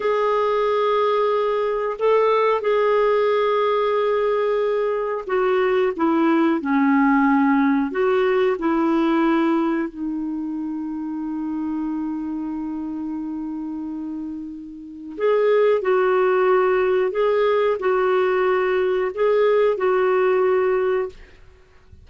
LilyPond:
\new Staff \with { instrumentName = "clarinet" } { \time 4/4 \tempo 4 = 91 gis'2. a'4 | gis'1 | fis'4 e'4 cis'2 | fis'4 e'2 dis'4~ |
dis'1~ | dis'2. gis'4 | fis'2 gis'4 fis'4~ | fis'4 gis'4 fis'2 | }